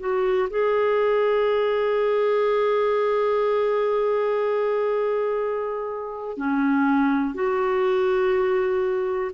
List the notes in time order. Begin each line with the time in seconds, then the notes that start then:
0.00 F#4
0.51 G#4
6.38 C#4
7.35 F#4